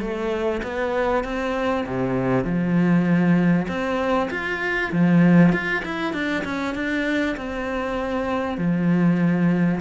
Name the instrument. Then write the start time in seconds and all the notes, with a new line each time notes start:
cello
0.00 A3
0.62 B3
1.24 C4
1.86 C3
2.44 F3
3.67 C4
4.30 F4
4.92 F3
5.52 F4
5.84 E4
6.13 D4
6.44 C#4
6.74 D4
7.37 C4
8.57 F3